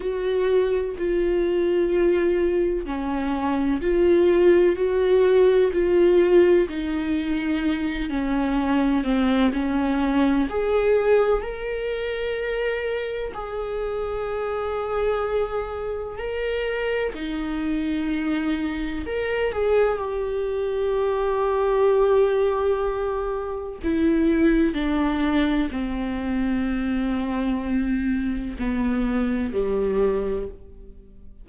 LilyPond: \new Staff \with { instrumentName = "viola" } { \time 4/4 \tempo 4 = 63 fis'4 f'2 cis'4 | f'4 fis'4 f'4 dis'4~ | dis'8 cis'4 c'8 cis'4 gis'4 | ais'2 gis'2~ |
gis'4 ais'4 dis'2 | ais'8 gis'8 g'2.~ | g'4 e'4 d'4 c'4~ | c'2 b4 g4 | }